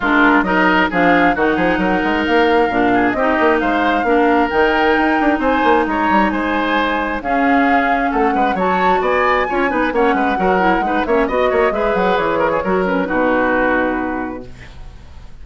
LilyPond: <<
  \new Staff \with { instrumentName = "flute" } { \time 4/4 \tempo 4 = 133 ais'4 dis''4 f''4 fis''4~ | fis''4 f''2 dis''4 | f''2 g''2 | gis''4 ais''4 gis''2 |
f''2 fis''4 a''4 | gis''2 fis''2~ | fis''8 e''8 dis''4 e''8 fis''8 cis''4~ | cis''8 b'2.~ b'8 | }
  \new Staff \with { instrumentName = "oboe" } { \time 4/4 f'4 ais'4 gis'4 fis'8 gis'8 | ais'2~ ais'8 gis'8 g'4 | c''4 ais'2. | c''4 cis''4 c''2 |
gis'2 a'8 b'8 cis''4 | d''4 cis''8 b'8 cis''8 b'8 ais'4 | b'8 cis''8 dis''8 cis''8 b'4. ais'16 gis'16 | ais'4 fis'2. | }
  \new Staff \with { instrumentName = "clarinet" } { \time 4/4 d'4 dis'4 d'4 dis'4~ | dis'2 d'4 dis'4~ | dis'4 d'4 dis'2~ | dis'1 |
cis'2. fis'4~ | fis'4 f'8 dis'8 cis'4 fis'8 e'8 | dis'8 cis'8 fis'4 gis'2 | fis'8 cis'8 dis'2. | }
  \new Staff \with { instrumentName = "bassoon" } { \time 4/4 gis4 fis4 f4 dis8 f8 | fis8 gis8 ais4 ais,4 c'8 ais8 | gis4 ais4 dis4 dis'8 d'8 | c'8 ais8 gis8 g8 gis2 |
cis'2 a8 gis8 fis4 | b4 cis'8 b8 ais8 gis8 fis4 | gis8 ais8 b8 ais8 gis8 fis8 e4 | fis4 b,2. | }
>>